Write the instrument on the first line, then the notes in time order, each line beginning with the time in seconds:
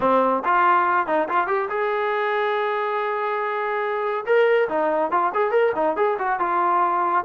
trombone
0.00 C4
0.44 F4
1.06 D#4
1.28 F4
1.47 G4
1.69 G#4
4.26 A#4
4.68 D#4
5.11 F4
5.34 G#4
5.51 A#4
5.75 D#4
5.96 G#4
6.19 F#4
6.39 F4